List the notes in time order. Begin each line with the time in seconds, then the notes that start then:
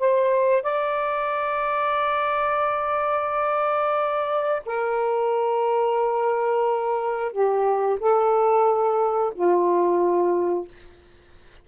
0.00 C5
0.63 D5
4.66 A#4
7.32 G4
8.00 A4
9.35 F4